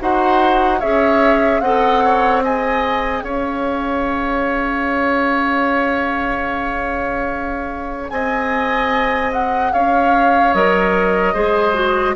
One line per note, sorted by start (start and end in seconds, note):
0.00 0.83 D#4
0.00 0.81 F#4
0.00 0.80 C5
0.00 0.81 F#5
0.80 1.61 C#4
0.80 1.63 G#4
0.80 1.61 C#5
0.80 1.61 E5
1.61 3.23 C4
1.61 2.43 A4
1.61 2.04 D#5
1.61 2.42 F#5
2.04 2.44 C#5
2.43 10.54 G#4
2.43 3.24 D#5
2.43 3.23 G#5
3.23 8.10 C#4
3.23 8.11 C#5
3.23 8.09 F5
8.10 9.73 C4
8.10 9.73 D#5
8.10 9.31 G#5
9.33 9.73 F#5
9.73 10.54 C#4
9.73 11.34 C#5
9.73 10.54 F5
10.54 11.35 F#3
10.54 11.35 A#4
10.54 12.16 D#5
11.34 12.16 G#3
11.34 11.74 G#4
11.34 12.15 C5
11.74 12.15 F#4